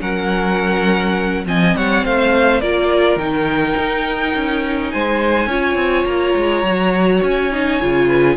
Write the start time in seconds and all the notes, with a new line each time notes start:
0.00 F#3 C#4 A#4 F#5
1.46 F3 C4 D#5 G#5
1.76 G3 C#5 F#5
2.05 A3 C5 F5
2.60 A#3 F4 A#4 D5
3.16 D#3 D#4 G5
3.77 D#4
4.35 C#4
4.91 G#3 C5 G#5
5.47 C#4 F4 C#5
5.75 C4
6.06 A#3 A#5
6.36 G#3
6.63 F#3 F#4
7.23 C#4 G#5
7.52 D#4
7.80 C#3 F4
8.07 B4